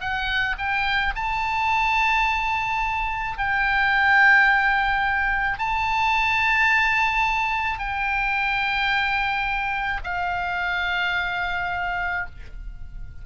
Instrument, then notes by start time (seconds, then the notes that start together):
oboe
0.00 F#5
0.58 G5
1.15 A5
3.37 G5
5.59 A5
7.78 G5
10.04 F5